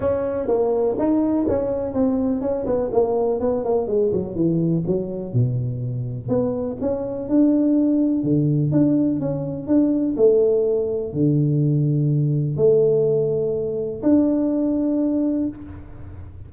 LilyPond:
\new Staff \with { instrumentName = "tuba" } { \time 4/4 \tempo 4 = 124 cis'4 ais4 dis'4 cis'4 | c'4 cis'8 b8 ais4 b8 ais8 | gis8 fis8 e4 fis4 b,4~ | b,4 b4 cis'4 d'4~ |
d'4 d4 d'4 cis'4 | d'4 a2 d4~ | d2 a2~ | a4 d'2. | }